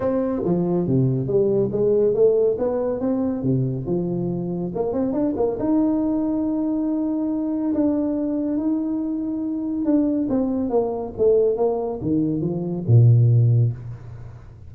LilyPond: \new Staff \with { instrumentName = "tuba" } { \time 4/4 \tempo 4 = 140 c'4 f4 c4 g4 | gis4 a4 b4 c'4 | c4 f2 ais8 c'8 | d'8 ais8 dis'2.~ |
dis'2 d'2 | dis'2. d'4 | c'4 ais4 a4 ais4 | dis4 f4 ais,2 | }